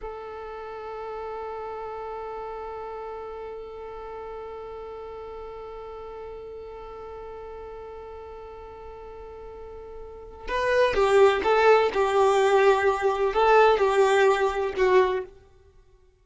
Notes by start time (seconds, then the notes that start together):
0.01 A4
10.48 B4
10.94 G4
11.43 A4
11.93 G4
13.33 A4
13.78 G4
14.76 F#4